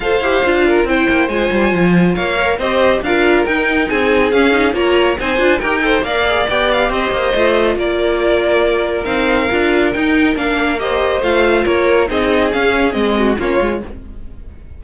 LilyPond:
<<
  \new Staff \with { instrumentName = "violin" } { \time 4/4 \tempo 4 = 139 f''2 g''4 gis''4~ | gis''4 f''4 dis''4 f''4 | g''4 gis''4 f''4 ais''4 | gis''4 g''4 f''4 g''8 f''8 |
dis''2 d''2~ | d''4 f''2 g''4 | f''4 dis''4 f''4 cis''4 | dis''4 f''4 dis''4 cis''4 | }
  \new Staff \with { instrumentName = "violin" } { \time 4/4 c''4. ais'8 c''2~ | c''4 cis''4 c''4 ais'4~ | ais'4 gis'2 cis''4 | c''4 ais'8 c''8 d''2 |
c''2 ais'2~ | ais'1~ | ais'4 c''2 ais'4 | gis'2~ gis'8 fis'8 f'4 | }
  \new Staff \with { instrumentName = "viola" } { \time 4/4 a'8 g'8 f'4 e'4 f'4~ | f'4. ais'8 g'4 f'4 | dis'2 cis'8 dis'8 f'4 | dis'8 f'8 g'8 a'8 ais'8 gis'8 g'4~ |
g'4 f'2.~ | f'4 dis'4 f'4 dis'4 | d'4 g'4 f'2 | dis'4 cis'4 c'4 cis'8 f'8 | }
  \new Staff \with { instrumentName = "cello" } { \time 4/4 f'8 e'8 d'4 c'8 ais8 gis8 g8 | f4 ais4 c'4 d'4 | dis'4 c'4 cis'4 ais4 | c'8 d'8 dis'4 ais4 b4 |
c'8 ais8 a4 ais2~ | ais4 c'4 d'4 dis'4 | ais2 a4 ais4 | c'4 cis'4 gis4 ais8 gis8 | }
>>